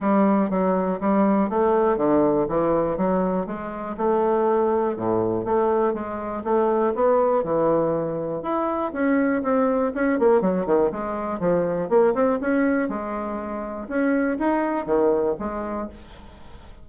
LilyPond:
\new Staff \with { instrumentName = "bassoon" } { \time 4/4 \tempo 4 = 121 g4 fis4 g4 a4 | d4 e4 fis4 gis4 | a2 a,4 a4 | gis4 a4 b4 e4~ |
e4 e'4 cis'4 c'4 | cis'8 ais8 fis8 dis8 gis4 f4 | ais8 c'8 cis'4 gis2 | cis'4 dis'4 dis4 gis4 | }